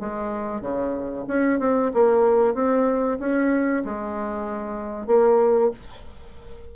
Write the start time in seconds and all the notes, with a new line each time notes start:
0.00 G#3
0.62 C#3
1.28 C#4
1.60 C4
1.94 A#3
2.54 C4
3.20 C#4
3.85 G#3
5.07 A#3